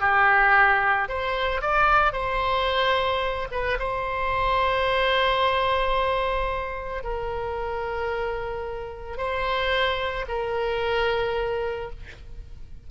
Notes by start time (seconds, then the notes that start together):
0.00 G4
1.08 C5
1.61 D5
2.12 C5
3.51 B4
3.79 C5
7.03 A#4
9.17 C5
10.28 A#4